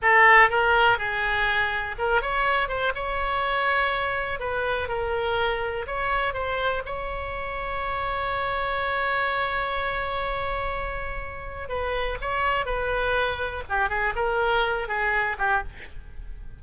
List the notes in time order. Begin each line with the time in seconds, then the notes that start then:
0.02 A4
0.49 A#4
0.98 G#4
1.98 A#4
2.21 C#5
2.68 C5
2.94 C#5
4.39 B4
4.88 A#4
5.86 C#5
6.33 C5
6.85 C#5
11.69 B4
12.21 C#5
12.65 B4
13.69 G4
13.89 G#4
14.15 A#4
14.88 G#4
15.38 G4